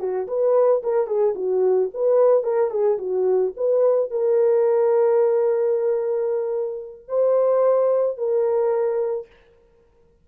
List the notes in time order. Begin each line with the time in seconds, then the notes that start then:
0.00 F#4
0.28 B4
0.83 A#4
1.07 G#4
1.35 F#4
1.94 B4
2.43 A#4
2.71 G#4
2.98 F#4
3.57 B4
4.11 A#4
7.08 C5
8.18 A#4